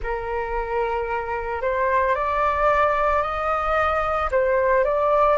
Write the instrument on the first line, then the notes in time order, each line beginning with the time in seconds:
flute
0.02 A#4
1.61 C5
2.15 D5
3.22 D#5
4.31 C5
4.84 D5